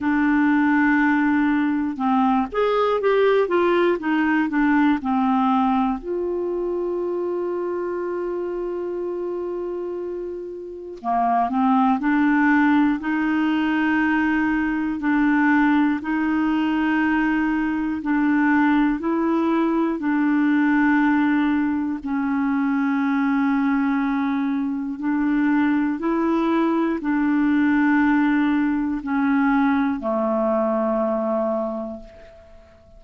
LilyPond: \new Staff \with { instrumentName = "clarinet" } { \time 4/4 \tempo 4 = 60 d'2 c'8 gis'8 g'8 f'8 | dis'8 d'8 c'4 f'2~ | f'2. ais8 c'8 | d'4 dis'2 d'4 |
dis'2 d'4 e'4 | d'2 cis'2~ | cis'4 d'4 e'4 d'4~ | d'4 cis'4 a2 | }